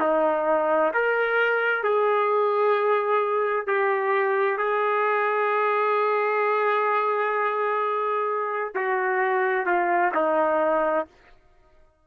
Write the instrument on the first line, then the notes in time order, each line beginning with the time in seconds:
trumpet
0.00 D#4
0.94 A#4
1.83 G#4
3.66 G4
4.57 G#4
8.74 F#4
9.66 F4
10.14 D#4